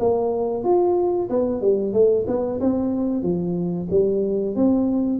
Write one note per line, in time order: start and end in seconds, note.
0.00 0.64 A#3
0.64 1.29 F4
1.30 1.62 B3
1.62 1.93 G3
1.93 2.26 A3
2.27 2.60 B3
2.61 3.23 C4
3.23 3.88 F3
3.91 4.56 G3
4.56 5.20 C4